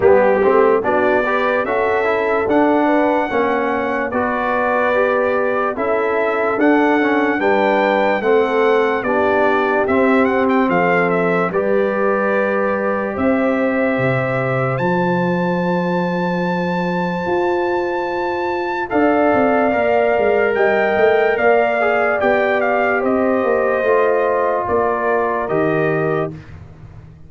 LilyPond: <<
  \new Staff \with { instrumentName = "trumpet" } { \time 4/4 \tempo 4 = 73 g'4 d''4 e''4 fis''4~ | fis''4 d''2 e''4 | fis''4 g''4 fis''4 d''4 | e''8 fis''16 g''16 f''8 e''8 d''2 |
e''2 a''2~ | a''2. f''4~ | f''4 g''4 f''4 g''8 f''8 | dis''2 d''4 dis''4 | }
  \new Staff \with { instrumentName = "horn" } { \time 4/4 g'4 fis'8 b'8 a'4. b'8 | cis''4 b'2 a'4~ | a'4 b'4 a'4 g'4~ | g'4 a'4 b'2 |
c''1~ | c''2. d''4~ | d''4 dis''4 d''2 | c''2 ais'2 | }
  \new Staff \with { instrumentName = "trombone" } { \time 4/4 b8 c'8 d'8 g'8 fis'8 e'8 d'4 | cis'4 fis'4 g'4 e'4 | d'8 cis'8 d'4 c'4 d'4 | c'2 g'2~ |
g'2 f'2~ | f'2. a'4 | ais'2~ ais'8 gis'8 g'4~ | g'4 f'2 g'4 | }
  \new Staff \with { instrumentName = "tuba" } { \time 4/4 g8 a8 b4 cis'4 d'4 | ais4 b2 cis'4 | d'4 g4 a4 b4 | c'4 f4 g2 |
c'4 c4 f2~ | f4 f'2 d'8 c'8 | ais8 gis8 g8 a8 ais4 b4 | c'8 ais8 a4 ais4 dis4 | }
>>